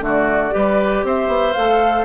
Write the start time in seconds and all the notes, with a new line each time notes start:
0.00 D3 A3 F#4 D5
0.50 G3 G4 B4
1.03 C4 C5 E5
1.28 B3
1.53 A3 A4 F5